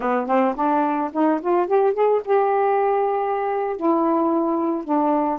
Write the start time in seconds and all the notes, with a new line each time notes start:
0.00 B3
0.27 C4
0.55 D4
1.12 D#4
1.41 F4
1.67 G4
1.93 G#4
2.24 G4
3.76 E4
4.84 D4